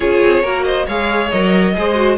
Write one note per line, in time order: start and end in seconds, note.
0.00 0.19 C#4
0.00 0.43 F4
0.00 0.42 G#4
0.00 0.63 C#5
0.23 0.43 C4
0.42 0.86 A#3
0.42 0.87 F#4
0.42 0.64 A#4
0.63 0.86 C5
0.63 0.85 D#5
0.86 1.32 G#3
0.86 1.33 G#4
0.86 1.73 C#5
0.86 1.30 F5
1.30 1.76 F#3
1.30 1.74 A#4
1.30 2.17 D#5
1.74 2.17 G#3
1.74 1.95 G#4
1.74 2.17 C5
1.95 2.17 F#4